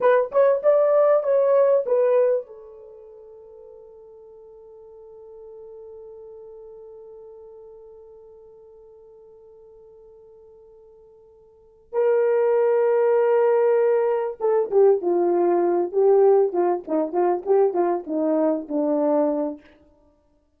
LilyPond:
\new Staff \with { instrumentName = "horn" } { \time 4/4 \tempo 4 = 98 b'8 cis''8 d''4 cis''4 b'4 | a'1~ | a'1~ | a'1~ |
a'2.~ a'8 ais'8~ | ais'2.~ ais'8 a'8 | g'8 f'4. g'4 f'8 dis'8 | f'8 g'8 f'8 dis'4 d'4. | }